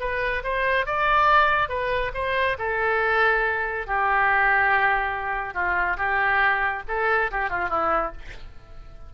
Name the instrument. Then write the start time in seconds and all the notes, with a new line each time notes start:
oboe
0.00 B4
0.44 C5
0.86 D5
1.69 B4
2.14 C5
2.59 A4
3.87 G4
5.54 F4
5.97 G4
6.88 A4
7.31 G4
7.50 F4
7.69 E4